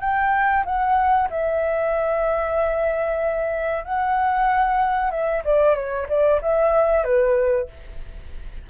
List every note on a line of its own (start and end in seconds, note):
0.00 0.64 G5
0.65 1.29 F#5
1.30 3.84 E5
3.84 5.11 F#5
5.11 5.43 E5
5.44 5.75 D5
5.75 6.07 C#5
6.08 6.40 D5
6.41 7.04 E5
7.04 7.68 B4